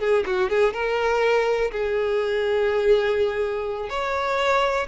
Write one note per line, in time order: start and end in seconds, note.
0.00 0.24 G#4
0.27 0.50 F#4
0.50 0.74 G#4
0.74 1.72 A#4
1.72 3.90 G#4
3.90 4.87 C#5